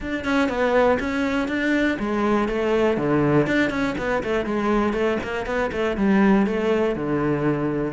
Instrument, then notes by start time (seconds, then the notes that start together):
cello
0.00 D4
0.24 C#4
0.48 B3
0.99 C#4
1.47 D4
1.99 G#3
2.48 A3
2.97 D3
3.46 D4
3.69 C#4
3.98 B3
4.23 A3
4.45 G#3
4.93 A3
5.23 A#3
5.46 B3
5.72 A3
5.96 G3
6.46 A3
6.95 D3